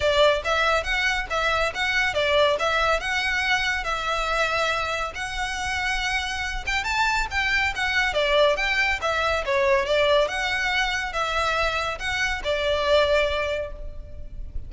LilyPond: \new Staff \with { instrumentName = "violin" } { \time 4/4 \tempo 4 = 140 d''4 e''4 fis''4 e''4 | fis''4 d''4 e''4 fis''4~ | fis''4 e''2. | fis''2.~ fis''8 g''8 |
a''4 g''4 fis''4 d''4 | g''4 e''4 cis''4 d''4 | fis''2 e''2 | fis''4 d''2. | }